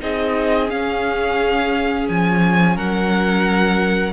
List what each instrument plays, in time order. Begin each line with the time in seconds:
0.00 cello C4, viola D#4, violin G#4 D#5
0.68 viola C#4, cello C#4, violin F5
2.09 cello F3, violin G#5
2.76 cello F#3, violin A#4 F#5